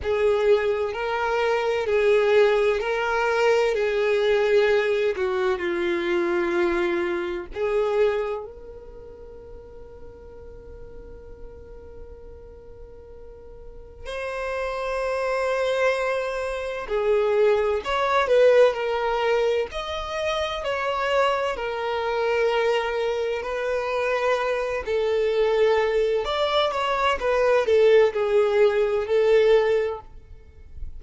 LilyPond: \new Staff \with { instrumentName = "violin" } { \time 4/4 \tempo 4 = 64 gis'4 ais'4 gis'4 ais'4 | gis'4. fis'8 f'2 | gis'4 ais'2.~ | ais'2. c''4~ |
c''2 gis'4 cis''8 b'8 | ais'4 dis''4 cis''4 ais'4~ | ais'4 b'4. a'4. | d''8 cis''8 b'8 a'8 gis'4 a'4 | }